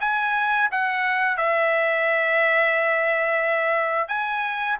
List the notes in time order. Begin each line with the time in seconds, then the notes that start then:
0.00 G#5
0.71 F#5
1.37 E5
4.08 G#5